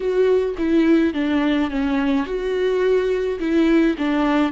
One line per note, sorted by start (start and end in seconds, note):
0.00 0.55 F#4
0.58 1.13 E4
1.13 1.70 D4
1.70 2.25 C#4
2.25 3.39 F#4
3.39 3.96 E4
3.98 4.52 D4